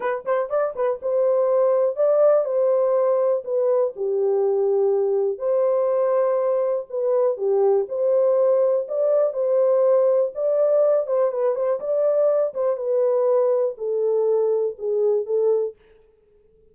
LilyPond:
\new Staff \with { instrumentName = "horn" } { \time 4/4 \tempo 4 = 122 b'8 c''8 d''8 b'8 c''2 | d''4 c''2 b'4 | g'2. c''4~ | c''2 b'4 g'4 |
c''2 d''4 c''4~ | c''4 d''4. c''8 b'8 c''8 | d''4. c''8 b'2 | a'2 gis'4 a'4 | }